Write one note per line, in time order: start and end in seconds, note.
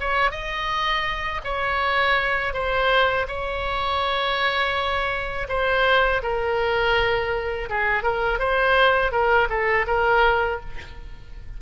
0.00 0.31 C#5
0.31 1.41 D#5
1.44 2.53 C#5
2.53 3.27 C5
3.28 5.47 C#5
5.48 6.22 C5
6.23 7.69 A#4
7.69 8.03 G#4
8.03 8.39 A#4
8.39 9.12 C5
9.12 9.48 A#4
9.49 9.86 A4
9.87 10.60 A#4